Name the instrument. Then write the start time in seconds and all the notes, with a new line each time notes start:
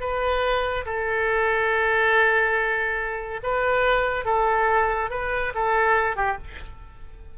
oboe
0.00 B4
0.85 A4
3.43 B4
4.25 A4
5.10 B4
5.55 A4
6.16 G4